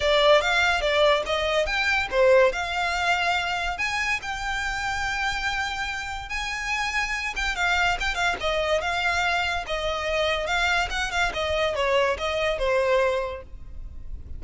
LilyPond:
\new Staff \with { instrumentName = "violin" } { \time 4/4 \tempo 4 = 143 d''4 f''4 d''4 dis''4 | g''4 c''4 f''2~ | f''4 gis''4 g''2~ | g''2. gis''4~ |
gis''4. g''8 f''4 g''8 f''8 | dis''4 f''2 dis''4~ | dis''4 f''4 fis''8 f''8 dis''4 | cis''4 dis''4 c''2 | }